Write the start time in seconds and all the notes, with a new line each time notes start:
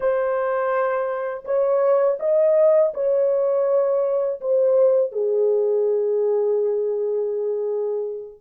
0.00 C5
1.45 C#5
2.19 D#5
2.94 C#5
4.40 C5
5.12 G#4